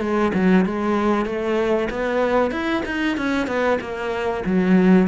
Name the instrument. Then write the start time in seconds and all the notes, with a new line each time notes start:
cello
0.00 G#3
0.34 F#3
0.65 G#3
1.25 A3
1.90 B3
2.51 E4
2.85 D#4
3.17 C#4
3.47 B3
3.80 A#3
4.45 F#3